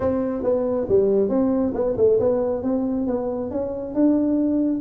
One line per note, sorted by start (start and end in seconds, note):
0.00 0.43 C4
0.43 0.87 B3
0.89 1.29 G3
1.29 1.73 C4
1.74 1.96 B3
1.97 2.19 A3
2.19 2.63 B3
2.63 3.06 C4
3.07 3.50 B3
3.50 3.94 C#4
3.94 4.81 D4